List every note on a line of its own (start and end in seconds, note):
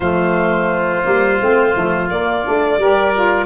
0.00 1.02 F3
0.00 1.03 A3
0.00 2.79 F4
0.00 2.07 C5
1.03 1.40 G3
1.03 1.38 A#3
1.40 1.75 A3
1.40 1.74 C4
1.74 2.10 F3
1.74 2.09 A3
2.09 2.44 A#3
2.09 2.45 A#3
2.09 3.45 D5
2.44 2.77 A3
2.44 2.79 D4
2.77 3.45 G3
2.77 3.14 G4
2.77 3.45 A#4
3.14 3.45 F4